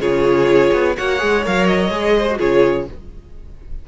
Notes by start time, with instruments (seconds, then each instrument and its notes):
0.00 cello C#3, viola F4, violin G#4 C#5
0.73 cello B3
0.97 cello A#3, viola F#4, violin C#5 F#5
1.19 cello G#3, viola G#4
1.45 cello F#3, viola A#4, violin F5
1.67 violin D#5
1.90 cello G#3, viola G#4
2.18 violin C5
2.31 viola F#4
2.38 cello C#3, viola F4, violin G#4 C#5